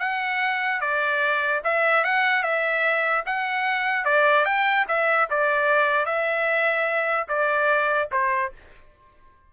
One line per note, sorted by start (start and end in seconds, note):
0.00 0.81 F#5
0.81 1.62 D5
1.64 2.05 E5
2.05 2.43 F#5
2.43 3.24 E5
3.27 4.05 F#5
4.05 4.46 D5
4.46 4.86 G5
4.88 5.29 E5
5.30 6.06 D5
6.06 7.28 E5
7.29 8.10 D5
8.12 8.53 C5